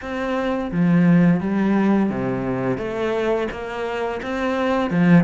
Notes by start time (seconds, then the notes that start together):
0.01 C4
0.71 F3
1.40 G3
2.09 C3
2.77 A3
3.51 A#3
4.22 C4
4.90 F3